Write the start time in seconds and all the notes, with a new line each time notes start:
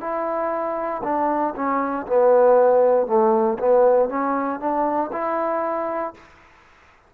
0.00 E4
1.03 D4
1.55 C#4
2.07 B3
3.06 A3
3.59 B3
4.09 C#4
4.59 D4
5.12 E4